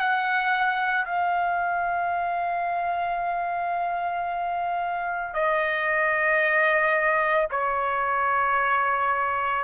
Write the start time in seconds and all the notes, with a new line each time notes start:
0.00 F#5
1.06 F5
5.34 D#5
7.51 C#5